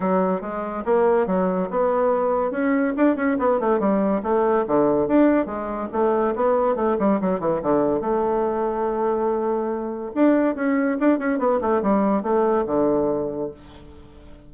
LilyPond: \new Staff \with { instrumentName = "bassoon" } { \time 4/4 \tempo 4 = 142 fis4 gis4 ais4 fis4 | b2 cis'4 d'8 cis'8 | b8 a8 g4 a4 d4 | d'4 gis4 a4 b4 |
a8 g8 fis8 e8 d4 a4~ | a1 | d'4 cis'4 d'8 cis'8 b8 a8 | g4 a4 d2 | }